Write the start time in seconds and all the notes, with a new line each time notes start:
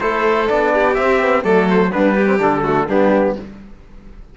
0.00 A3 E4 A4 C5
0.47 B3 D4 D5
0.73 G4
0.94 C4 E5
1.20 B3
1.42 F#3 A3 A4 D5
1.70 C5
1.92 G3 B3 D4 B4
2.15 G4
2.26 C4
2.39 D3 D4 A4
2.62 A3 F#4
2.87 G3 B3 D4 G4